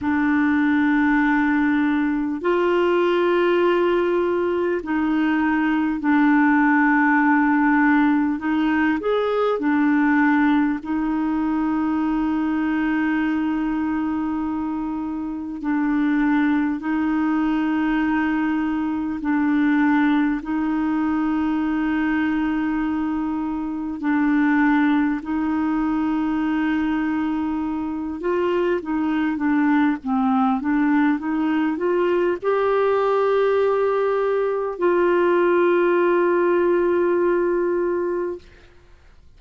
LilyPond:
\new Staff \with { instrumentName = "clarinet" } { \time 4/4 \tempo 4 = 50 d'2 f'2 | dis'4 d'2 dis'8 gis'8 | d'4 dis'2.~ | dis'4 d'4 dis'2 |
d'4 dis'2. | d'4 dis'2~ dis'8 f'8 | dis'8 d'8 c'8 d'8 dis'8 f'8 g'4~ | g'4 f'2. | }